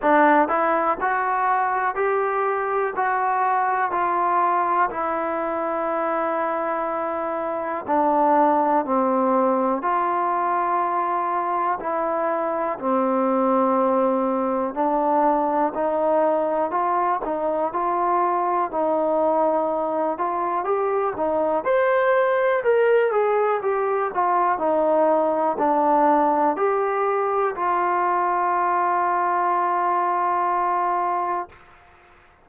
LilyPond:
\new Staff \with { instrumentName = "trombone" } { \time 4/4 \tempo 4 = 61 d'8 e'8 fis'4 g'4 fis'4 | f'4 e'2. | d'4 c'4 f'2 | e'4 c'2 d'4 |
dis'4 f'8 dis'8 f'4 dis'4~ | dis'8 f'8 g'8 dis'8 c''4 ais'8 gis'8 | g'8 f'8 dis'4 d'4 g'4 | f'1 | }